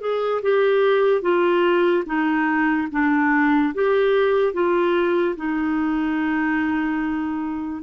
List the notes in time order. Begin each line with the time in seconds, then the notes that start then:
0.00 G#4
0.42 G4
1.21 F4
2.05 D#4
2.91 D4
3.74 G4
4.53 F4
5.36 D#4